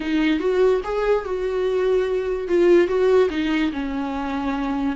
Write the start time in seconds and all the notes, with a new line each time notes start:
0.00 D#4
0.39 F#4
0.84 G#4
1.24 F#4
2.48 F4
2.87 F#4
3.30 D#4
3.72 C#4